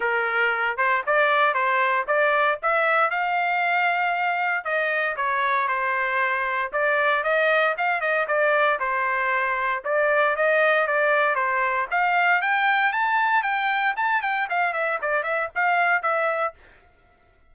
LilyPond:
\new Staff \with { instrumentName = "trumpet" } { \time 4/4 \tempo 4 = 116 ais'4. c''8 d''4 c''4 | d''4 e''4 f''2~ | f''4 dis''4 cis''4 c''4~ | c''4 d''4 dis''4 f''8 dis''8 |
d''4 c''2 d''4 | dis''4 d''4 c''4 f''4 | g''4 a''4 g''4 a''8 g''8 | f''8 e''8 d''8 e''8 f''4 e''4 | }